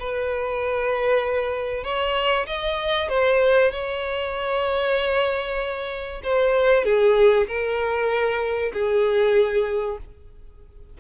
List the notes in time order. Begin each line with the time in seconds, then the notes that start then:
0.00 B4
1.84 C#5
2.47 D#5
3.09 C5
3.72 C#5
6.24 C5
6.85 G#4
7.48 A#4
8.73 G#4